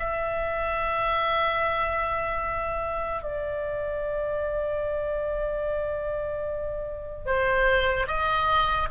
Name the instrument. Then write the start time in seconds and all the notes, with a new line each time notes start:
oboe
0.00 E5
3.23 D5
7.26 C5
8.08 D#5